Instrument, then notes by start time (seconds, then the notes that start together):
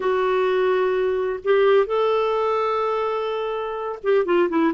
clarinet
0.00 F#4
1.44 G4
1.86 A4
4.03 G4
4.25 F4
4.49 E4